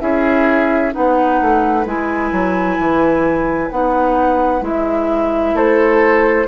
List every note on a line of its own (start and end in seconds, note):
0.00 0.94 C#4
0.00 0.92 E4
0.00 0.94 G#4
0.00 0.92 E5
0.92 1.41 B3
0.92 1.84 D#4
0.92 5.55 B4
0.92 1.86 F#5
1.41 1.86 A3
1.86 2.32 G#3
1.86 3.71 E4
1.86 3.71 G#5
2.32 2.78 F#3
2.79 3.71 E3
3.71 4.62 B3
3.71 4.62 D#4
3.71 4.63 F#5
4.62 5.54 G#3
4.62 6.46 E4
4.62 5.57 E5
5.54 6.46 A3
5.54 6.47 A4
5.54 6.48 C5